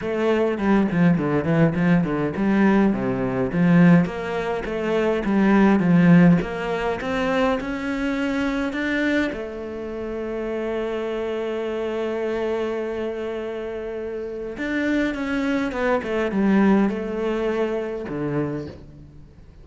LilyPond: \new Staff \with { instrumentName = "cello" } { \time 4/4 \tempo 4 = 103 a4 g8 f8 d8 e8 f8 d8 | g4 c4 f4 ais4 | a4 g4 f4 ais4 | c'4 cis'2 d'4 |
a1~ | a1~ | a4 d'4 cis'4 b8 a8 | g4 a2 d4 | }